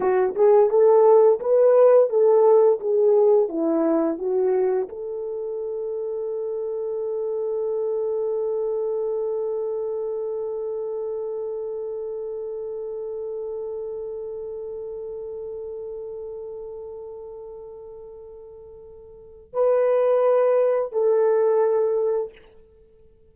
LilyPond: \new Staff \with { instrumentName = "horn" } { \time 4/4 \tempo 4 = 86 fis'8 gis'8 a'4 b'4 a'4 | gis'4 e'4 fis'4 a'4~ | a'1~ | a'1~ |
a'1~ | a'1~ | a'1 | b'2 a'2 | }